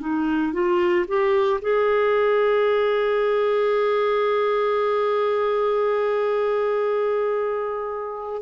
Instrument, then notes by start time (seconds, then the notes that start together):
clarinet
0.00 D#4
0.53 F4
1.07 G4
1.61 G#4